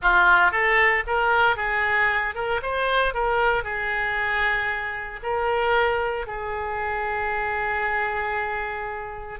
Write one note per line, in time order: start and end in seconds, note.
0.02 0.51 F4
0.51 1.03 A4
1.06 1.56 A#4
1.56 2.34 G#4
2.34 2.60 A#4
2.62 3.14 C5
3.14 3.63 A#4
3.63 5.20 G#4
5.22 6.26 A#4
6.26 9.39 G#4